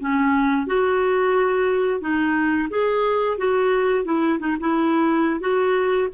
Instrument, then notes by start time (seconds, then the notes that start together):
clarinet
0.00 C#4
0.67 F#4
2.01 D#4
2.70 G#4
3.38 F#4
4.05 E4
4.40 D#4
4.61 E4
5.40 F#4